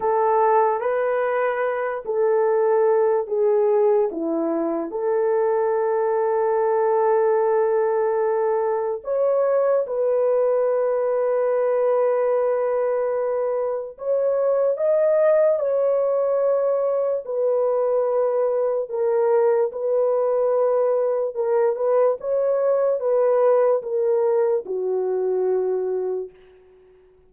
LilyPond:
\new Staff \with { instrumentName = "horn" } { \time 4/4 \tempo 4 = 73 a'4 b'4. a'4. | gis'4 e'4 a'2~ | a'2. cis''4 | b'1~ |
b'4 cis''4 dis''4 cis''4~ | cis''4 b'2 ais'4 | b'2 ais'8 b'8 cis''4 | b'4 ais'4 fis'2 | }